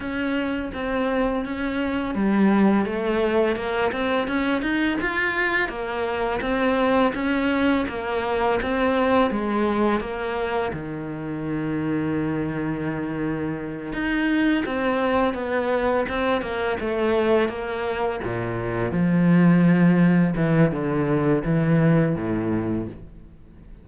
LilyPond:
\new Staff \with { instrumentName = "cello" } { \time 4/4 \tempo 4 = 84 cis'4 c'4 cis'4 g4 | a4 ais8 c'8 cis'8 dis'8 f'4 | ais4 c'4 cis'4 ais4 | c'4 gis4 ais4 dis4~ |
dis2.~ dis8 dis'8~ | dis'8 c'4 b4 c'8 ais8 a8~ | a8 ais4 ais,4 f4.~ | f8 e8 d4 e4 a,4 | }